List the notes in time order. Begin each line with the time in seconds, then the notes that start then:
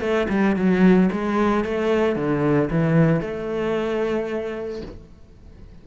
0.00 A3
0.29 G3
0.56 F#3
1.12 G#3
1.64 A3
2.15 D3
2.70 E3
3.20 A3